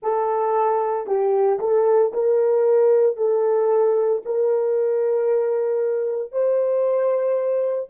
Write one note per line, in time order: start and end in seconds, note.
0.02 1.06 A4
1.06 1.59 G4
1.59 2.12 A4
2.13 3.16 A#4
3.16 4.22 A4
4.25 6.32 A#4
6.32 7.89 C5